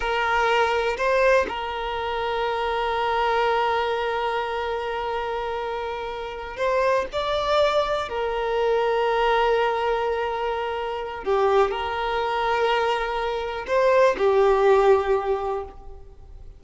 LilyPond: \new Staff \with { instrumentName = "violin" } { \time 4/4 \tempo 4 = 123 ais'2 c''4 ais'4~ | ais'1~ | ais'1~ | ais'4. c''4 d''4.~ |
d''8 ais'2.~ ais'8~ | ais'2. g'4 | ais'1 | c''4 g'2. | }